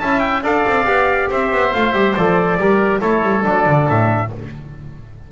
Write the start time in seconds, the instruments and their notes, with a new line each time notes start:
0.00 double bass C#4, trombone E4, oboe E5, trumpet A5
0.19 trumpet G5
0.43 double bass D4, trombone A4, oboe D5, trumpet F5
0.67 double bass C4
0.85 double bass B3, trombone G4
1.30 double bass C4, oboe C5, trumpet E5
1.52 double bass B3
1.73 double bass A3, trombone F4, trumpet F5
1.92 double bass G3, trombone G4, trumpet E5
2.16 double bass F3, trombone A4, trumpet D5
2.57 double bass G3, trombone G4, oboe A#4
3.00 double bass A3, trombone E4, oboe A4, trumpet C#5
3.22 double bass G3
3.42 double bass F#3, trombone D4, trumpet D5
3.66 double bass D3
3.89 double bass A2, trumpet E5